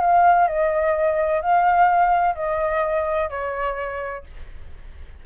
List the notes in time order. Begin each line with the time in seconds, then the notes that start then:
0.00 F5
0.47 D#5
1.41 F5
2.35 D#5
3.29 C#5